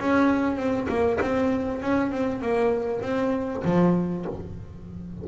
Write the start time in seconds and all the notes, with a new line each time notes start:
0.00 C#4
0.56 C4
0.89 A#3
1.21 C4
1.82 C#4
2.12 C4
2.42 A#3
3.02 C4
3.64 F3